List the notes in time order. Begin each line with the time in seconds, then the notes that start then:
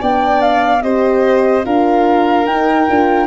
0.00 B3 D4 D5 G5
0.42 F5
0.83 C4 G4 C5 D#5
1.64 D4 F4 A#4 F5
2.46 D#4 G5
2.88 D4 F4